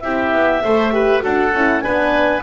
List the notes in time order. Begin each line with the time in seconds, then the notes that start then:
0.00 C4 E4 G4 E5
0.33 B3
0.64 A3 A4 C5
0.92 G4 B4
1.21 D4 F#4 A4 F#5
1.53 C#4 E4
1.81 B3 D4 B4 G#5